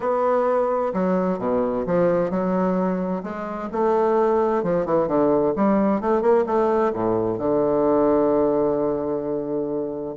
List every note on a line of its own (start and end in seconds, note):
0.00 0.92 B3
0.93 1.38 F#3
1.38 1.85 B2
1.86 2.30 F3
2.30 3.22 F#3
3.23 3.69 G#3
3.72 4.63 A3
4.63 4.85 F3
4.85 5.07 E3
5.07 5.53 D3
5.56 6.01 G3
6.01 6.21 A3
6.21 6.44 A#3
6.46 6.92 A3
6.93 7.38 A2
7.38 10.15 D3